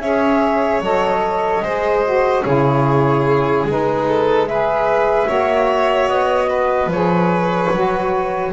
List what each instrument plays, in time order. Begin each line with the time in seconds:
0.00 double bass C#4, saxophone G#4, violin C#5, flute E5
0.80 double bass F#3, saxophone A4, flute D#5
1.62 double bass G#3, saxophone G#4, violin C5
2.04 saxophone F#4
2.43 double bass C#3, saxophone E4, violin G#4, flute C#5
3.64 double bass G#3, saxophone D#4
3.70 flute B4
4.08 violin A4
4.47 saxophone G#4, violin B4, flute E5
5.28 double bass A#3, saxophone F#4, violin C#5
6.08 double bass B3, flute D#5
6.49 violin B4
6.86 double bass F3, flute C#5
6.93 saxophone G#4
7.71 double bass F#3, saxophone F#4